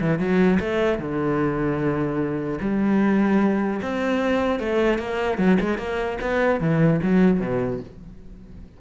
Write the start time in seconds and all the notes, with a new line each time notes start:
0.00 E3
0.19 F#3
0.59 A3
0.99 D3
2.61 G3
3.82 C4
4.59 A3
4.98 A#3
5.38 F#3
5.60 G#3
5.78 A#3
6.21 B3
6.60 E3
7.02 F#3
7.40 B2